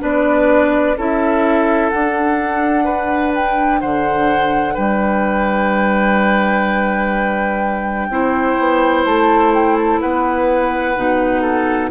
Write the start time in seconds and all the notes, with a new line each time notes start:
0.00 B3 D4 B4 D5
0.97 C#4 E4 A4 E5
1.90 D4 F#5
2.85 B4
3.35 G5
3.81 D3 C5 F#5
4.74 G3 B4 G5
8.10 C4 E4 C5
8.59 B3
9.05 A3 A5
9.54 G5
9.76 A5
10.01 B3 B4 F#5
10.96 B2 D#4
11.42 A4